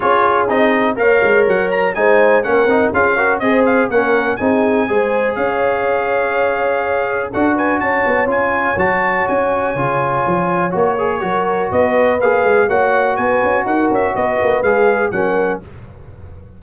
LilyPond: <<
  \new Staff \with { instrumentName = "trumpet" } { \time 4/4 \tempo 4 = 123 cis''4 dis''4 f''4 fis''8 ais''8 | gis''4 fis''4 f''4 dis''8 f''8 | fis''4 gis''2 f''4~ | f''2. fis''8 gis''8 |
a''4 gis''4 a''4 gis''4~ | gis''2 cis''2 | dis''4 f''4 fis''4 gis''4 | fis''8 e''8 dis''4 f''4 fis''4 | }
  \new Staff \with { instrumentName = "horn" } { \time 4/4 gis'2 cis''2 | c''4 ais'4 gis'8 ais'8 c''4 | ais'4 gis'4 c''4 cis''4~ | cis''2. a'8 b'8 |
cis''1~ | cis''2. ais'4 | b'2 cis''4 b'4 | ais'4 b'2 ais'4 | }
  \new Staff \with { instrumentName = "trombone" } { \time 4/4 f'4 dis'4 ais'2 | dis'4 cis'8 dis'8 f'8 fis'8 gis'4 | cis'4 dis'4 gis'2~ | gis'2. fis'4~ |
fis'4 f'4 fis'2 | f'2 fis'8 gis'8 fis'4~ | fis'4 gis'4 fis'2~ | fis'2 gis'4 cis'4 | }
  \new Staff \with { instrumentName = "tuba" } { \time 4/4 cis'4 c'4 ais8 gis8 fis4 | gis4 ais8 c'8 cis'4 c'4 | ais4 c'4 gis4 cis'4~ | cis'2. d'4 |
cis'8 b8 cis'4 fis4 cis'4 | cis4 f4 ais4 fis4 | b4 ais8 gis8 ais4 b8 cis'8 | dis'8 cis'8 b8 ais8 gis4 fis4 | }
>>